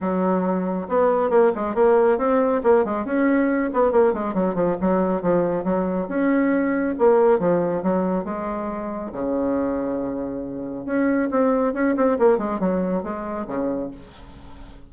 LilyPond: \new Staff \with { instrumentName = "bassoon" } { \time 4/4 \tempo 4 = 138 fis2 b4 ais8 gis8 | ais4 c'4 ais8 gis8 cis'4~ | cis'8 b8 ais8 gis8 fis8 f8 fis4 | f4 fis4 cis'2 |
ais4 f4 fis4 gis4~ | gis4 cis2.~ | cis4 cis'4 c'4 cis'8 c'8 | ais8 gis8 fis4 gis4 cis4 | }